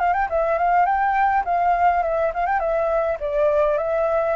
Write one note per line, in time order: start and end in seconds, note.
0.00 0.14 F5
0.14 0.28 G5
0.30 0.58 E5
0.58 0.86 F5
0.86 1.44 G5
1.45 2.03 F5
2.03 2.32 E5
2.35 2.47 F5
2.47 2.60 G5
2.60 3.18 E5
3.20 3.78 D5
3.78 4.36 E5